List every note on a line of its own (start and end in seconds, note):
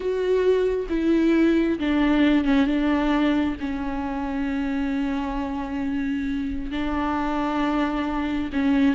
0.00 0.86 F#4
0.89 1.78 E4
1.79 2.44 D4
2.44 2.66 C#4
2.66 3.55 D4
3.60 6.71 C#4
6.71 8.50 D4
8.52 8.95 C#4